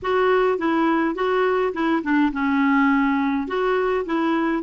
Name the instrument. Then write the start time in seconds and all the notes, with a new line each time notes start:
clarinet
0.02 F#4
0.58 E4
1.15 F#4
1.73 E4
2.03 D4
2.32 C#4
3.47 F#4
4.05 E4